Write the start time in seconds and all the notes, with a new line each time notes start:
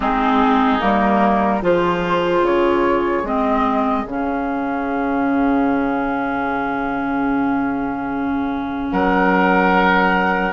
0.00 G#3 C4 D#4 G#4
0.79 G3 A#3 A#4
1.60 F3 F4 G#4 C5
2.41 C#3 C#5
3.23 G#3 C4 D#5
4.06 C#3 C#4 F5
8.91 F#3 A#4 F#5